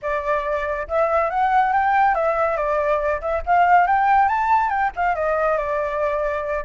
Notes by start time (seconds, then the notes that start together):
0.02 D5
0.87 E5
1.30 F#5
1.72 G5
2.14 E5
2.56 D5
3.21 E5
3.45 F5
3.86 G5
4.28 A5
4.69 G5
4.95 F5
5.15 D#5
5.57 D5